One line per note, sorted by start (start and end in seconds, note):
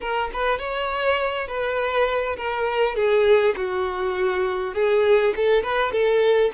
0.01 0.30 A#4
0.33 0.59 B4
0.59 1.47 C#5
1.47 2.36 B4
2.36 2.95 A#4
2.95 3.55 G#4
3.56 4.74 F#4
4.74 5.34 G#4
5.36 5.63 A4
5.63 5.92 B4
5.92 6.51 A4